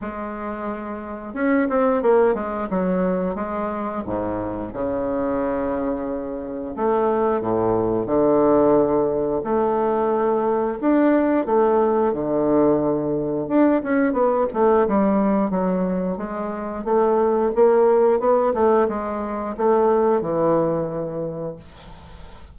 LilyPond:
\new Staff \with { instrumentName = "bassoon" } { \time 4/4 \tempo 4 = 89 gis2 cis'8 c'8 ais8 gis8 | fis4 gis4 gis,4 cis4~ | cis2 a4 a,4 | d2 a2 |
d'4 a4 d2 | d'8 cis'8 b8 a8 g4 fis4 | gis4 a4 ais4 b8 a8 | gis4 a4 e2 | }